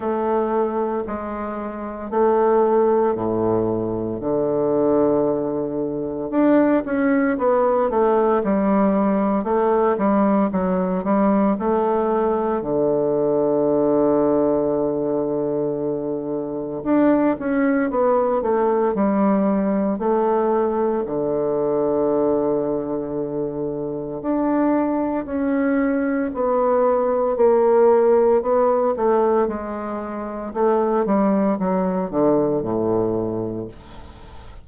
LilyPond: \new Staff \with { instrumentName = "bassoon" } { \time 4/4 \tempo 4 = 57 a4 gis4 a4 a,4 | d2 d'8 cis'8 b8 a8 | g4 a8 g8 fis8 g8 a4 | d1 |
d'8 cis'8 b8 a8 g4 a4 | d2. d'4 | cis'4 b4 ais4 b8 a8 | gis4 a8 g8 fis8 d8 a,4 | }